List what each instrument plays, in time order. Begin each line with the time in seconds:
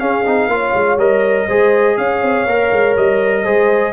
0.00 trombone C#4, tuba C#4, horn G#4, trumpet F5
0.26 tuba C4, trombone D#4
0.48 tuba A#3, trombone F4, horn C#5
0.74 tuba G#3
0.98 tuba G3, trombone A#4, trumpet D#5
1.47 tuba G#3, trombone G#4, horn C5
1.98 tuba C#4, horn C#5, trumpet F5
2.22 tuba C4
2.47 tuba A#3, trombone A#4
2.72 tuba G#3
2.97 tuba G3, trumpet D#5
3.44 tuba G#3, trombone G#4, horn C5